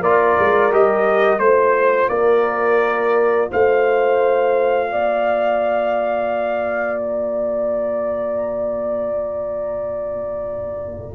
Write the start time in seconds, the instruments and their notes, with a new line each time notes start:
0.00 tuba A#3, trombone F4, horn A#4, trumpet D5
0.39 tuba G#3
0.72 tuba G3, trombone G4, trumpet D#5
1.39 tuba A3, trombone F4, trumpet C5, horn C5
2.09 tuba A#3, horn A#4, trumpet D5
3.50 tuba A3, horn C5, trumpet F5
4.91 tuba A#3, horn D5
6.99 trumpet A#5